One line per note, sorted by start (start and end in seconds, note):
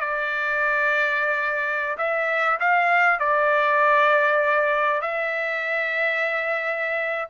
0.00 1.97 D5
1.98 2.58 E5
2.60 3.19 F5
3.19 5.01 D5
5.01 7.29 E5